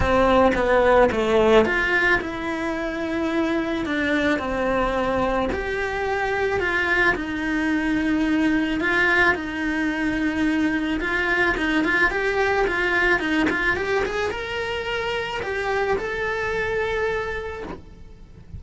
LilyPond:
\new Staff \with { instrumentName = "cello" } { \time 4/4 \tempo 4 = 109 c'4 b4 a4 f'4 | e'2. d'4 | c'2 g'2 | f'4 dis'2. |
f'4 dis'2. | f'4 dis'8 f'8 g'4 f'4 | dis'8 f'8 g'8 gis'8 ais'2 | g'4 a'2. | }